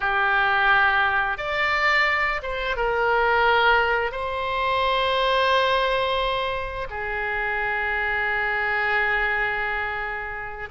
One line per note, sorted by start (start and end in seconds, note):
0.00 1.37 G4
1.37 2.41 D5
2.42 2.76 C5
2.76 4.11 A#4
4.11 6.87 C5
6.90 10.69 G#4